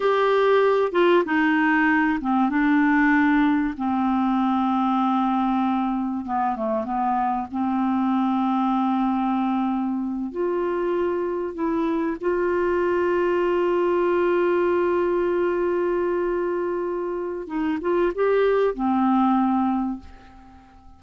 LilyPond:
\new Staff \with { instrumentName = "clarinet" } { \time 4/4 \tempo 4 = 96 g'4. f'8 dis'4. c'8 | d'2 c'2~ | c'2 b8 a8 b4 | c'1~ |
c'8 f'2 e'4 f'8~ | f'1~ | f'1 | dis'8 f'8 g'4 c'2 | }